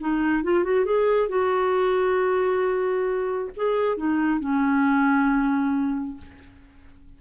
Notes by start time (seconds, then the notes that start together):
0.00 D#4
0.43 F4
0.63 F#4
0.85 G#4
1.28 F#4
3.56 G#4
3.97 D#4
4.39 C#4